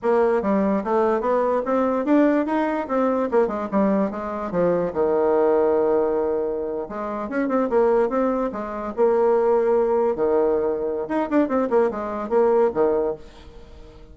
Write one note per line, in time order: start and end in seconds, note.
0.02 0.42 A#3
0.42 0.83 G3
0.84 1.20 A3
1.20 1.61 B3
1.65 2.05 C4
2.05 2.46 D4
2.46 2.87 D#4
2.88 3.29 C4
3.31 3.47 A#3
3.47 3.68 G#3
3.71 4.10 G3
4.10 4.51 G#3
4.51 4.92 F3
4.93 6.88 D#3
6.89 7.29 G#3
7.29 7.48 C#4
7.48 7.69 C4
7.69 8.09 A#3
8.09 8.50 C4
8.52 8.93 G#3
8.96 10.15 A#3
10.15 11.08 D#3
11.08 11.29 D#4
11.30 11.48 D4
11.48 11.68 C4
11.69 11.90 A#3
11.91 12.29 G#3
12.29 12.70 A#3
12.74 13.15 D#3